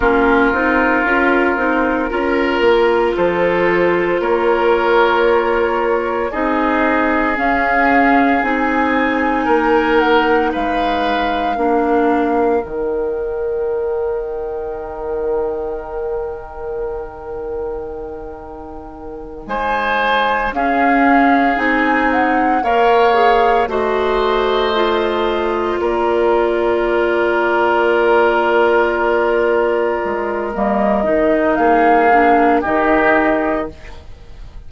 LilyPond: <<
  \new Staff \with { instrumentName = "flute" } { \time 4/4 \tempo 4 = 57 ais'2. c''4 | cis''2 dis''4 f''4 | gis''4. fis''8 f''2 | g''1~ |
g''2~ g''8 gis''4 f''8~ | f''8 gis''8 fis''8 f''4 dis''4.~ | dis''8 d''2.~ d''8~ | d''4 dis''4 f''4 dis''4 | }
  \new Staff \with { instrumentName = "oboe" } { \time 4/4 f'2 ais'4 a'4 | ais'2 gis'2~ | gis'4 ais'4 b'4 ais'4~ | ais'1~ |
ais'2~ ais'8 c''4 gis'8~ | gis'4. cis''4 c''4.~ | c''8 ais'2.~ ais'8~ | ais'2 gis'4 g'4 | }
  \new Staff \with { instrumentName = "clarinet" } { \time 4/4 cis'8 dis'8 f'8 dis'8 f'2~ | f'2 dis'4 cis'4 | dis'2. d'4 | dis'1~ |
dis'2.~ dis'8 cis'8~ | cis'8 dis'4 ais'8 gis'8 fis'4 f'8~ | f'1~ | f'4 ais8 dis'4 d'8 dis'4 | }
  \new Staff \with { instrumentName = "bassoon" } { \time 4/4 ais8 c'8 cis'8 c'8 cis'8 ais8 f4 | ais2 c'4 cis'4 | c'4 ais4 gis4 ais4 | dis1~ |
dis2~ dis8 gis4 cis'8~ | cis'8 c'4 ais4 a4.~ | a8 ais2.~ ais8~ | ais8 gis8 g8 dis8 ais4 dis4 | }
>>